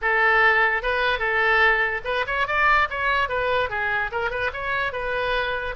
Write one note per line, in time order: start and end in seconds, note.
0.01 0.82 A4
0.82 1.18 B4
1.18 2.01 A4
2.04 2.25 B4
2.26 2.47 C#5
2.47 2.88 D5
2.90 3.28 C#5
3.28 3.69 B4
3.69 4.10 G#4
4.11 4.30 A#4
4.30 4.51 B4
4.53 4.92 C#5
4.92 5.74 B4